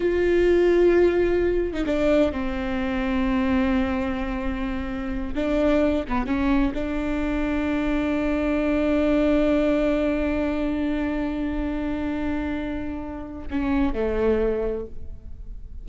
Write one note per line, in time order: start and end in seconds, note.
0.00 1.73 F4
1.73 1.84 D#4
1.86 2.32 D4
2.32 5.34 C4
5.34 6.04 D4
6.08 6.26 B3
6.26 6.73 C#4
6.74 13.48 D4
13.50 13.93 C#4
13.93 14.86 A3